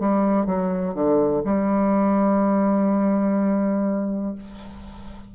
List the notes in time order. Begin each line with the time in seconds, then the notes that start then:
0.00 G3
0.46 F#3
0.95 D3
1.45 G3